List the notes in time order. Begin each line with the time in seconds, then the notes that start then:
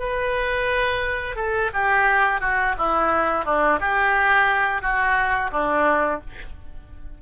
0.00 B4
1.36 A4
1.74 G4
2.41 F#4
2.78 E4
3.45 D4
3.81 G4
4.82 F#4
5.52 D4